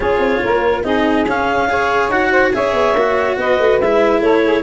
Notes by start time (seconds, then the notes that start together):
0.00 C#4 F4 G#4 C#5
0.18 C4
0.43 A#3 A#4
0.83 C4 D#4 G#4 D#5
1.25 C#4 F5
1.69 G#4 C#5
2.09 D#4 F#4 F#5
2.30 C5
2.53 C#4 G#4 C#5 E5
2.72 B3
2.93 A#3 F#4
3.36 B3 B4 D#5
3.58 A3
3.80 G#3 E4 E5
4.21 A3 A4 C#5
4.44 G#4